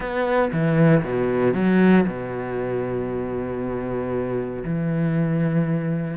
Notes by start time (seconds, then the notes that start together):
0.00 B3
0.52 E3
1.03 B2
1.54 F#3
2.07 B2
4.64 E3